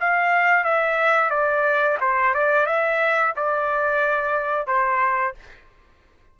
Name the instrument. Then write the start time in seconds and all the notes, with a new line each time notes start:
trumpet
0.00 F5
0.64 E5
1.30 D5
2.00 C5
2.34 D5
2.66 E5
3.36 D5
4.67 C5